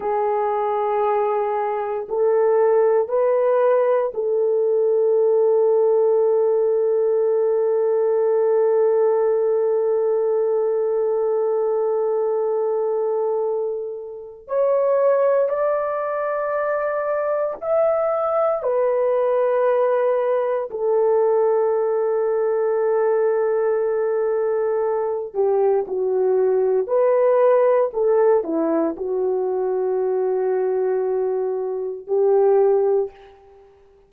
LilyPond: \new Staff \with { instrumentName = "horn" } { \time 4/4 \tempo 4 = 58 gis'2 a'4 b'4 | a'1~ | a'1~ | a'2 cis''4 d''4~ |
d''4 e''4 b'2 | a'1~ | a'8 g'8 fis'4 b'4 a'8 e'8 | fis'2. g'4 | }